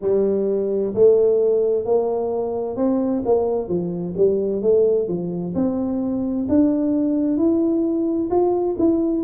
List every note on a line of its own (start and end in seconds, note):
0.01 0.94 G3
0.94 1.85 A3
1.85 2.76 A#3
2.76 3.22 C4
3.25 3.68 A#3
3.68 4.14 F3
4.17 4.62 G3
4.62 5.08 A3
5.08 5.54 F3
5.54 6.47 C4
6.48 7.37 D4
7.37 8.29 E4
8.30 8.76 F4
8.78 9.23 E4